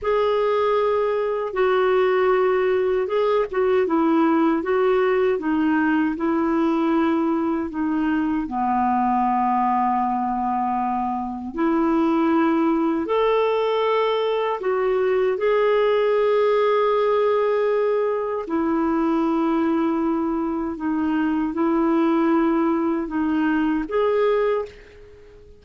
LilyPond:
\new Staff \with { instrumentName = "clarinet" } { \time 4/4 \tempo 4 = 78 gis'2 fis'2 | gis'8 fis'8 e'4 fis'4 dis'4 | e'2 dis'4 b4~ | b2. e'4~ |
e'4 a'2 fis'4 | gis'1 | e'2. dis'4 | e'2 dis'4 gis'4 | }